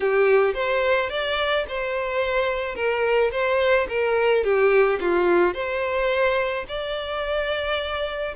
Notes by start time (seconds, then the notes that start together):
0.00 G4
0.54 C5
1.09 D5
1.68 C5
2.75 A#4
3.31 C5
3.88 A#4
4.43 G4
5.00 F4
5.54 C5
6.68 D5